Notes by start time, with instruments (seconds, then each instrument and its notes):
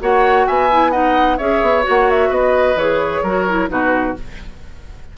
0.00 bassoon A#3, clarinet F#4, oboe C#5, flute F#5
0.47 bassoon B3, oboe E5, flute G#5
0.71 clarinet E4
0.91 clarinet D#4, oboe D#5, flute F#5
1.37 bassoon C#4, clarinet G#4, oboe C#5, flute E5
1.62 bassoon B3
1.82 clarinet F#4
1.89 bassoon A#3, flute F#5
2.10 flute E5
2.29 bassoon B3, oboe B4, flute D#5
2.75 bassoon E3, clarinet G#4, flute C#5
3.22 bassoon F#3, clarinet F#4, oboe A#4
3.49 clarinet E4
3.68 bassoon B2, clarinet D#4, oboe F#4, flute B4